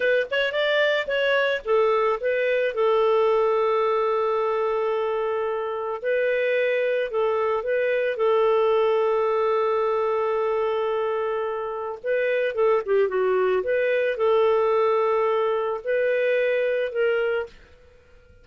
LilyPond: \new Staff \with { instrumentName = "clarinet" } { \time 4/4 \tempo 4 = 110 b'8 cis''8 d''4 cis''4 a'4 | b'4 a'2.~ | a'2. b'4~ | b'4 a'4 b'4 a'4~ |
a'1~ | a'2 b'4 a'8 g'8 | fis'4 b'4 a'2~ | a'4 b'2 ais'4 | }